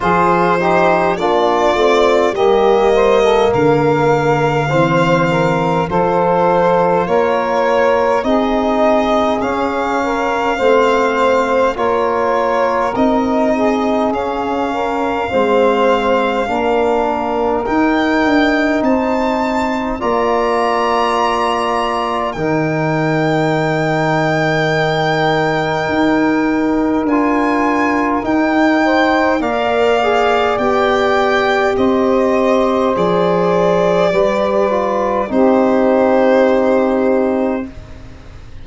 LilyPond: <<
  \new Staff \with { instrumentName = "violin" } { \time 4/4 \tempo 4 = 51 c''4 d''4 dis''4 f''4~ | f''4 c''4 cis''4 dis''4 | f''2 cis''4 dis''4 | f''2. g''4 |
a''4 ais''2 g''4~ | g''2. gis''4 | g''4 f''4 g''4 dis''4 | d''2 c''2 | }
  \new Staff \with { instrumentName = "saxophone" } { \time 4/4 gis'8 g'8 f'4 g'8 c''16 a'16 ais'4 | c''8 ais'8 a'4 ais'4 gis'4~ | gis'8 ais'8 c''4 ais'4. gis'8~ | gis'8 ais'8 c''4 ais'2 |
c''4 d''2 ais'4~ | ais'1~ | ais'8 c''8 d''2 c''4~ | c''4 b'4 g'2 | }
  \new Staff \with { instrumentName = "trombone" } { \time 4/4 f'8 dis'8 d'8 c'8 ais2 | c'4 f'2 dis'4 | cis'4 c'4 f'4 dis'4 | cis'4 c'4 d'4 dis'4~ |
dis'4 f'2 dis'4~ | dis'2. f'4 | dis'4 ais'8 gis'8 g'2 | gis'4 g'8 f'8 dis'2 | }
  \new Staff \with { instrumentName = "tuba" } { \time 4/4 f4 ais8 a8 g4 d4 | e4 f4 ais4 c'4 | cis'4 a4 ais4 c'4 | cis'4 gis4 ais4 dis'8 d'8 |
c'4 ais2 dis4~ | dis2 dis'4 d'4 | dis'4 ais4 b4 c'4 | f4 g4 c'2 | }
>>